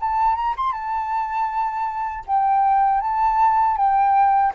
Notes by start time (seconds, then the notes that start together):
0.00 A5
0.36 A#5
0.57 C6
0.72 A5
2.27 G5
3.01 A5
3.77 G5